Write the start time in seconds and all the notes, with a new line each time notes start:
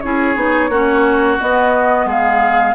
0.00 C#4 E4 G#4 C#5
0.35 B3 D#4
0.69 A#3 C#4 F#4
1.39 B3 D#5
2.05 G#3 G#4 F5